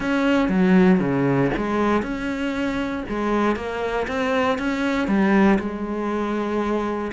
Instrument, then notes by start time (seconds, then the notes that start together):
cello
0.00 C#4
0.48 F#3
0.99 C#3
1.56 G#3
2.02 C#4
3.09 G#3
3.55 A#3
4.07 C4
4.58 C#4
5.07 G3
5.59 G#3